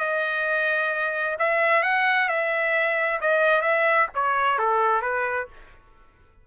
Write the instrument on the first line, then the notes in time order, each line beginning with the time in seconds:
trumpet
0.00 D#5
1.39 E5
1.83 F#5
2.29 E5
3.21 D#5
3.62 E5
4.15 C#5
4.59 A4
5.02 B4